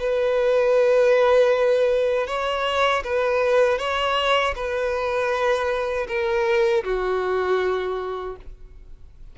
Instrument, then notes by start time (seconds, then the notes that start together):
violin
0.00 B4
2.27 C#5
3.04 B4
3.78 C#5
4.55 B4
6.08 A#4
6.84 F#4